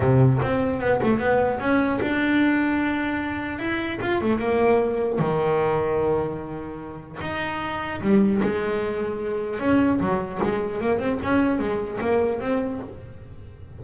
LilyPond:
\new Staff \with { instrumentName = "double bass" } { \time 4/4 \tempo 4 = 150 c4 c'4 b8 a8 b4 | cis'4 d'2.~ | d'4 e'4 f'8 a8 ais4~ | ais4 dis2.~ |
dis2 dis'2 | g4 gis2. | cis'4 fis4 gis4 ais8 c'8 | cis'4 gis4 ais4 c'4 | }